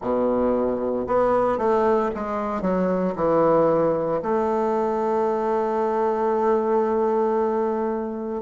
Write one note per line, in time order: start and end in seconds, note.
0.01 1.07 B2
1.07 1.57 B3
1.57 2.10 A3
2.14 2.61 G#3
2.61 3.14 F#3
3.15 4.21 E3
4.22 8.42 A3